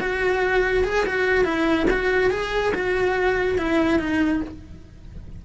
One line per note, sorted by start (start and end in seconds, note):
0.00 0.84 F#4
0.84 1.05 G#4
1.06 1.44 F#4
1.44 1.87 E4
1.91 2.30 F#4
2.30 2.73 G#4
2.74 3.58 F#4
3.58 3.99 E4
3.99 4.42 D#4